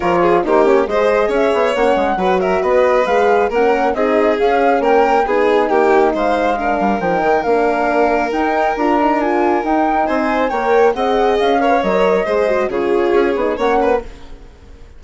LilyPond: <<
  \new Staff \with { instrumentName = "flute" } { \time 4/4 \tempo 4 = 137 cis''4 c''8 cis''8 dis''4 e''4 | fis''4. e''8 dis''4 f''4 | fis''4 dis''4 f''4 g''4 | gis''4 g''4 f''2 |
g''4 f''2 g''4 | ais''4 gis''4 g''4 gis''4 | g''4 fis''4 f''4 dis''4~ | dis''4 cis''2 fis''4 | }
  \new Staff \with { instrumentName = "violin" } { \time 4/4 ais'8 gis'8 g'4 c''4 cis''4~ | cis''4 b'8 ais'8 b'2 | ais'4 gis'2 ais'4 | gis'4 g'4 c''4 ais'4~ |
ais'1~ | ais'2. c''4 | cis''4 dis''4. cis''4. | c''4 gis'2 cis''8 b'8 | }
  \new Staff \with { instrumentName = "horn" } { \time 4/4 f'4 dis'8 cis'8 gis'2 | cis'4 fis'2 gis'4 | cis'4 dis'4 cis'2 | dis'2. d'4 |
dis'4 d'2 dis'4 | f'8 dis'8 f'4 dis'2 | ais'4 gis'4. ais'16 b'16 ais'4 | gis'8 fis'8 f'4. dis'8 cis'4 | }
  \new Staff \with { instrumentName = "bassoon" } { \time 4/4 f4 ais4 gis4 cis'8 b8 | ais8 gis8 fis4 b4 gis4 | ais4 c'4 cis'4 ais4 | b4 ais4 gis4. g8 |
f8 dis8 ais2 dis'4 | d'2 dis'4 c'4 | ais4 c'4 cis'4 fis4 | gis4 cis4 cis'8 b8 ais4 | }
>>